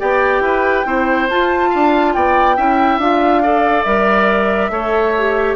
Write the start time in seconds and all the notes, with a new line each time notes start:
0.00 B3 G4 D5 G5
0.41 E4 B4
0.86 C4 E4 C5
1.30 F4 A5
1.70 D4 F5
2.14 B3 D5 G5
2.57 C#4 E4 E5
2.98 D4 F4 F5
3.43 A4 D5
3.84 G3 A#4 E5
4.70 A3 A4 C#5
5.18 G4